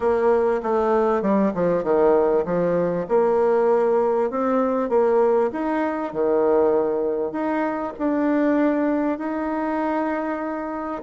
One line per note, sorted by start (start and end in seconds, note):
0.00 0.61 A#3
0.62 1.22 A3
1.22 1.52 G3
1.54 1.83 F3
1.83 2.45 D#3
2.45 3.06 F3
3.08 4.30 A#3
4.30 4.89 C4
4.89 5.50 A#3
5.52 6.12 D#4
6.12 7.32 D#3
7.32 7.93 D#4
7.98 9.18 D4
9.18 11.02 D#4